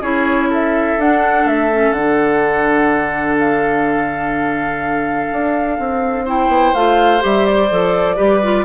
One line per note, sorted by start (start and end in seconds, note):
0.00 0.96 C#4
0.00 0.98 E4
0.00 0.49 G#4
0.00 0.50 C#5
0.49 6.24 A4
0.49 1.00 E5
0.98 1.45 D4
0.98 1.72 D4
0.98 1.47 F#5
1.45 1.90 A3
1.45 1.92 E5
1.72 1.95 C#4
1.90 5.26 D3
1.90 6.27 D4
1.90 3.36 F#5
3.38 6.26 F5
5.32 5.78 D4
5.78 6.48 C4
6.24 6.75 E4
6.24 8.16 C5
6.24 6.74 G5
6.48 6.71 B3
6.74 7.22 A3
6.74 7.20 F4
6.74 7.22 F5
7.20 7.71 G3
7.20 7.68 G4
7.20 7.45 E5
7.45 8.64 D5
7.70 8.19 F3
7.70 8.16 A4
8.16 8.64 G3
8.16 8.40 G4
8.16 8.64 B4
8.43 8.64 F4